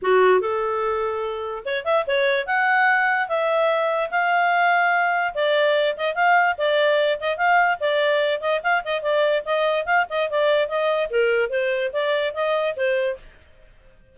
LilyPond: \new Staff \with { instrumentName = "clarinet" } { \time 4/4 \tempo 4 = 146 fis'4 a'2. | cis''8 e''8 cis''4 fis''2 | e''2 f''2~ | f''4 d''4. dis''8 f''4 |
d''4. dis''8 f''4 d''4~ | d''8 dis''8 f''8 dis''8 d''4 dis''4 | f''8 dis''8 d''4 dis''4 ais'4 | c''4 d''4 dis''4 c''4 | }